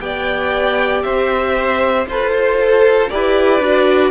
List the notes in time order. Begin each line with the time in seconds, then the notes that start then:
0.00 B3 G4 D5 G5
1.03 C4 C5 E5
2.07 F4 A4 B4 C5
2.31 C5
2.61 A4
3.10 E4 G4 B4 D5
3.60 D4 F#4